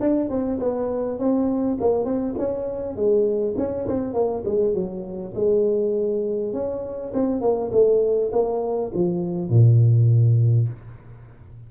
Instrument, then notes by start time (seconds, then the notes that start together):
tuba
0.00 D4
0.29 C4
0.59 B3
1.19 C4
1.80 A#3
2.05 C4
2.38 C#4
2.96 G#3
3.58 C#4
3.87 C4
4.13 A#3
4.45 G#3
4.74 F#3
5.35 G#3
6.53 C#4
7.14 C4
7.41 A#3
7.72 A3
8.32 A#3
8.94 F3
9.49 A#2